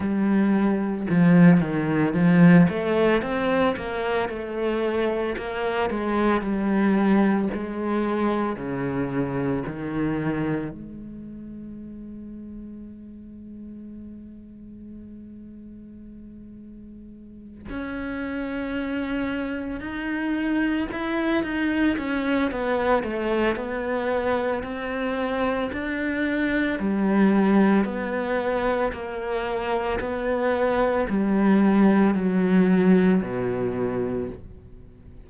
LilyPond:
\new Staff \with { instrumentName = "cello" } { \time 4/4 \tempo 4 = 56 g4 f8 dis8 f8 a8 c'8 ais8 | a4 ais8 gis8 g4 gis4 | cis4 dis4 gis2~ | gis1~ |
gis8 cis'2 dis'4 e'8 | dis'8 cis'8 b8 a8 b4 c'4 | d'4 g4 b4 ais4 | b4 g4 fis4 b,4 | }